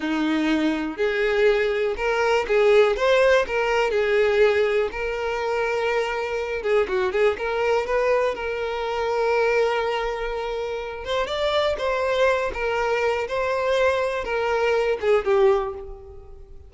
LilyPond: \new Staff \with { instrumentName = "violin" } { \time 4/4 \tempo 4 = 122 dis'2 gis'2 | ais'4 gis'4 c''4 ais'4 | gis'2 ais'2~ | ais'4. gis'8 fis'8 gis'8 ais'4 |
b'4 ais'2.~ | ais'2~ ais'8 c''8 d''4 | c''4. ais'4. c''4~ | c''4 ais'4. gis'8 g'4 | }